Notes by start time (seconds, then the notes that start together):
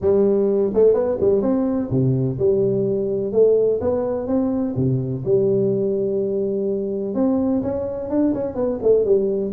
0.01 G3
0.73 A3
0.94 B3
1.20 G3
1.42 C4
1.90 C3
2.38 G3
3.32 A3
3.81 B3
4.27 C4
4.76 C3
5.24 G3
7.14 C4
7.62 C#4
8.09 D4
8.34 C#4
8.55 B3
8.82 A3
9.04 G3